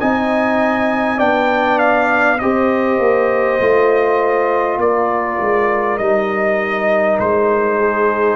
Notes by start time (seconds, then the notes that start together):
0.00 C4 D#4 D#5 G#5
1.18 B3 D4 D5 G5
1.79 F5
2.39 C4 G4 C5 D#5
2.99 A#3
3.60 A3 F4
4.78 A#3 A#4 D5
5.40 G#3
5.98 G3 D#4 D#5
7.20 G#3 C5
7.79 G#4